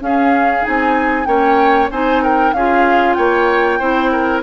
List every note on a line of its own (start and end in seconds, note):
0.00 0.63 C#4
0.00 0.64 C#4
0.00 1.28 G#4
0.00 0.65 F5
0.63 1.27 C4
0.63 1.26 D#4
0.63 1.26 G#5
1.26 1.90 A#3
1.26 1.89 C#4
1.26 1.91 C#5
1.26 1.89 G5
1.91 2.53 C4
1.91 2.55 D#4
1.91 2.23 C5
1.91 2.23 G#5
2.23 2.54 A#4
2.23 2.54 G5
2.53 3.17 C#4
2.53 3.80 F4
2.53 3.17 G#4
2.53 3.14 F5
3.14 3.80 A#3
3.14 3.79 C#5
3.14 4.40 G5
3.79 4.43 C4
3.79 4.43 E4
3.79 4.11 C5
4.12 4.43 A#4